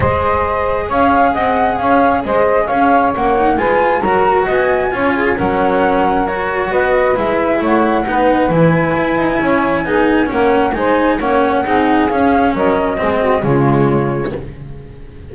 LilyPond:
<<
  \new Staff \with { instrumentName = "flute" } { \time 4/4 \tempo 4 = 134 dis''2 f''4 fis''4 | f''4 dis''4 f''4 fis''4 | gis''4 ais''4 gis''2 | fis''2 cis''4 dis''4 |
e''4 fis''2 gis''4~ | gis''2. fis''4 | gis''4 fis''2 f''4 | dis''2 cis''2 | }
  \new Staff \with { instrumentName = "saxophone" } { \time 4/4 c''2 cis''4 dis''4 | cis''4 c''4 cis''2 | b'4 ais'4 dis''4 cis''8 gis'8 | ais'2. b'4~ |
b'4 cis''4 b'2~ | b'4 cis''4 gis'4 ais'4 | c''4 cis''4 gis'2 | ais'4 gis'8 fis'8 f'2 | }
  \new Staff \with { instrumentName = "cello" } { \time 4/4 gis'1~ | gis'2. cis'8 dis'8 | f'4 fis'2 f'4 | cis'2 fis'2 |
e'2 dis'4 e'4~ | e'2 dis'4 cis'4 | dis'4 cis'4 dis'4 cis'4~ | cis'4 c'4 gis2 | }
  \new Staff \with { instrumentName = "double bass" } { \time 4/4 gis2 cis'4 c'4 | cis'4 gis4 cis'4 ais4 | gis4 fis4 b4 cis'4 | fis2. b4 |
gis4 a4 b4 e4 | e'8 dis'8 cis'4 b4 ais4 | gis4 ais4 c'4 cis'4 | fis4 gis4 cis2 | }
>>